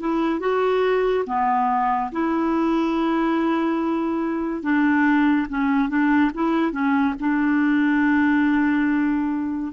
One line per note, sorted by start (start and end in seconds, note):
0.00 0.40 E4
0.40 1.24 F#4
1.26 2.10 B3
2.12 4.62 E4
4.62 5.47 D4
5.49 5.88 C#4
5.88 6.31 D4
6.34 6.71 E4
6.71 7.14 C#4
7.19 9.72 D4